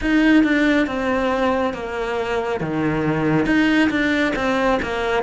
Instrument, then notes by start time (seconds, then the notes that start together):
cello
0.01 D#4
0.43 D4
0.87 C4
1.74 A#3
2.60 D#3
3.46 D#4
3.89 D4
4.35 C4
4.82 A#3